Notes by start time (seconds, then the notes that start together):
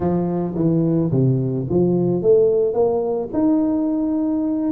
0.00 F3
0.55 E3
1.11 C3
1.69 F3
2.21 A3
2.73 A#3
3.33 D#4